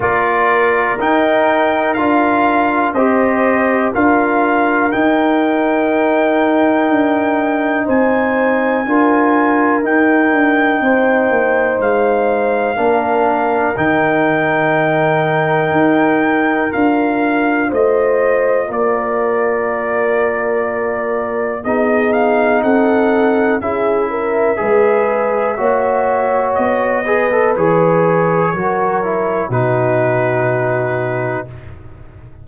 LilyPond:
<<
  \new Staff \with { instrumentName = "trumpet" } { \time 4/4 \tempo 4 = 61 d''4 g''4 f''4 dis''4 | f''4 g''2. | gis''2 g''2 | f''2 g''2~ |
g''4 f''4 dis''4 d''4~ | d''2 dis''8 f''8 fis''4 | e''2. dis''4 | cis''2 b'2 | }
  \new Staff \with { instrumentName = "horn" } { \time 4/4 ais'2. c''4 | ais'1 | c''4 ais'2 c''4~ | c''4 ais'2.~ |
ais'2 c''4 ais'4~ | ais'2 gis'4 a'4 | gis'8 ais'8 b'4 cis''4. b'8~ | b'4 ais'4 fis'2 | }
  \new Staff \with { instrumentName = "trombone" } { \time 4/4 f'4 dis'4 f'4 g'4 | f'4 dis'2.~ | dis'4 f'4 dis'2~ | dis'4 d'4 dis'2~ |
dis'4 f'2.~ | f'2 dis'2 | e'4 gis'4 fis'4. gis'16 a'16 | gis'4 fis'8 e'8 dis'2 | }
  \new Staff \with { instrumentName = "tuba" } { \time 4/4 ais4 dis'4 d'4 c'4 | d'4 dis'2 d'4 | c'4 d'4 dis'8 d'8 c'8 ais8 | gis4 ais4 dis2 |
dis'4 d'4 a4 ais4~ | ais2 b4 c'4 | cis'4 gis4 ais4 b4 | e4 fis4 b,2 | }
>>